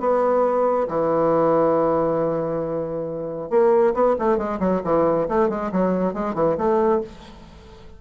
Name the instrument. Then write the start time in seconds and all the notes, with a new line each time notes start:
bassoon
0.00 B3
0.88 E3
3.50 A#3
3.94 B3
4.19 A3
4.38 G#3
4.60 F#3
4.84 E3
5.28 A3
5.49 G#3
5.72 F#3
6.14 G#3
6.34 E3
6.58 A3